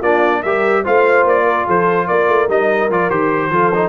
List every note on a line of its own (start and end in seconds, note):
0.00 0.42 A#3
0.00 0.44 D4
0.00 0.41 F4
0.00 0.43 D5
0.43 0.85 G3
0.43 0.85 G4
0.43 0.83 A#4
0.43 0.84 E5
0.83 1.24 A3
0.83 2.48 F4
0.83 1.43 C5
0.83 1.27 F5
1.24 1.65 A#3
1.24 1.69 D5
1.43 1.64 A#4
1.66 2.09 F3
1.66 2.07 A4
1.66 2.07 C5
2.07 2.28 A#3
2.07 3.50 A#4
2.07 2.48 D5
2.28 2.48 A3
2.48 2.89 G3
2.48 2.89 D#4
2.48 2.91 D#5
2.89 3.09 F3
2.89 3.10 F4
2.89 3.10 D5
3.09 3.50 D#3
3.09 3.51 G4
3.09 3.89 C5
3.50 3.89 F3
3.50 3.72 F4
3.50 3.89 A4
3.74 3.89 D#4